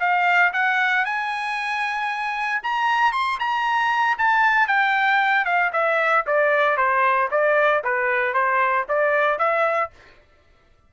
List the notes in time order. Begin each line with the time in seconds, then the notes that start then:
0.00 F5
0.53 F#5
1.05 G#5
2.63 A#5
3.13 C6
3.40 A#5
4.18 A5
4.68 G5
5.45 F5
5.73 E5
6.27 D5
6.77 C5
7.31 D5
7.84 B4
8.34 C5
8.89 D5
9.39 E5